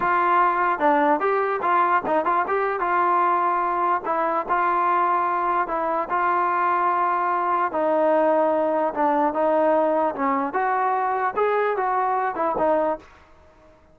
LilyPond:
\new Staff \with { instrumentName = "trombone" } { \time 4/4 \tempo 4 = 148 f'2 d'4 g'4 | f'4 dis'8 f'8 g'4 f'4~ | f'2 e'4 f'4~ | f'2 e'4 f'4~ |
f'2. dis'4~ | dis'2 d'4 dis'4~ | dis'4 cis'4 fis'2 | gis'4 fis'4. e'8 dis'4 | }